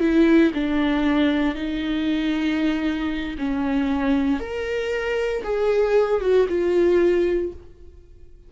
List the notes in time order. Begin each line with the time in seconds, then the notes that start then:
0.00 E4
0.54 D4
1.55 D#4
3.39 C#4
4.40 A#4
5.44 G#4
6.21 F#4
6.49 F4